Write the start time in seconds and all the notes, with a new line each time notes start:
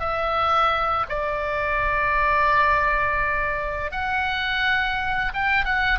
0.00 E5
1.09 D5
3.91 F#5
5.34 G5
5.65 F#5